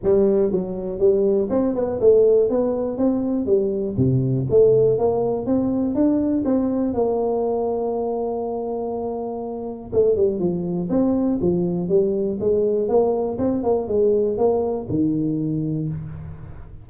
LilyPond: \new Staff \with { instrumentName = "tuba" } { \time 4/4 \tempo 4 = 121 g4 fis4 g4 c'8 b8 | a4 b4 c'4 g4 | c4 a4 ais4 c'4 | d'4 c'4 ais2~ |
ais1 | a8 g8 f4 c'4 f4 | g4 gis4 ais4 c'8 ais8 | gis4 ais4 dis2 | }